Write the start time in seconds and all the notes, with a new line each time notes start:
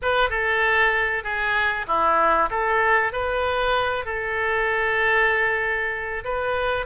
0.02 B4
0.29 A4
1.23 G#4
1.87 E4
2.50 A4
3.12 B4
4.05 A4
6.24 B4